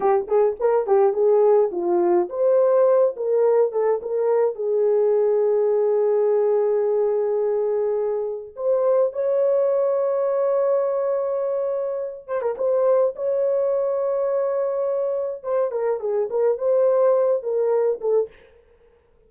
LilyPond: \new Staff \with { instrumentName = "horn" } { \time 4/4 \tempo 4 = 105 g'8 gis'8 ais'8 g'8 gis'4 f'4 | c''4. ais'4 a'8 ais'4 | gis'1~ | gis'2. c''4 |
cis''1~ | cis''4. c''16 ais'16 c''4 cis''4~ | cis''2. c''8 ais'8 | gis'8 ais'8 c''4. ais'4 a'8 | }